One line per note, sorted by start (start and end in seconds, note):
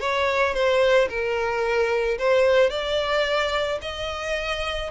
0.00 0.54 C#5
0.54 1.09 C5
1.09 2.18 A#4
2.19 2.70 C5
2.70 3.79 D5
3.82 4.90 D#5